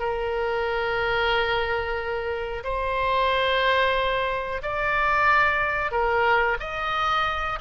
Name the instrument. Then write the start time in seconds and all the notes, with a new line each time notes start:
oboe
0.00 A#4
2.64 C5
4.62 D5
5.92 A#4
6.60 D#5